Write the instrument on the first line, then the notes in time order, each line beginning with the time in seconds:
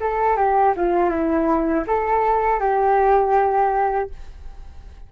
flute
0.00 A4
0.36 G4
0.76 F4
1.09 E4
1.86 A4
2.59 G4